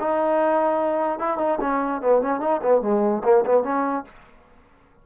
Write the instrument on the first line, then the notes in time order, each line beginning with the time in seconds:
trombone
0.00 D#4
1.19 E4
1.38 D#4
1.61 C#4
2.02 B3
2.22 C#4
2.41 D#4
2.63 B3
2.82 G#3
3.24 A#3
3.46 B3
3.64 C#4